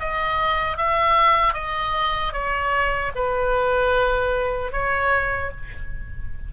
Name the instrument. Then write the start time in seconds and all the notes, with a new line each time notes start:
oboe
0.00 D#5
0.78 E5
1.54 D#5
2.33 C#5
3.15 B4
4.72 C#5